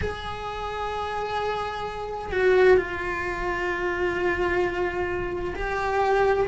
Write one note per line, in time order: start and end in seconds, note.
0.01 2.31 G#4
2.31 2.77 F#4
2.77 5.54 F4
5.55 6.47 G4